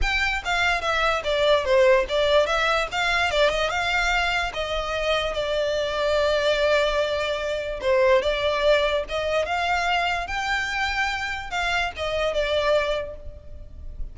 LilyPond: \new Staff \with { instrumentName = "violin" } { \time 4/4 \tempo 4 = 146 g''4 f''4 e''4 d''4 | c''4 d''4 e''4 f''4 | d''8 dis''8 f''2 dis''4~ | dis''4 d''2.~ |
d''2. c''4 | d''2 dis''4 f''4~ | f''4 g''2. | f''4 dis''4 d''2 | }